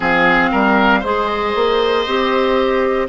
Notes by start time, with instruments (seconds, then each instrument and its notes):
0.00 bassoon F3, clarinet C4, oboe G#4, flute F5
0.51 bassoon G3, oboe A#4
1.00 bassoon G#3, clarinet G#4, oboe C5, flute C5
1.27 flute D#5
1.54 bassoon A#3
2.06 bassoon C4, clarinet G4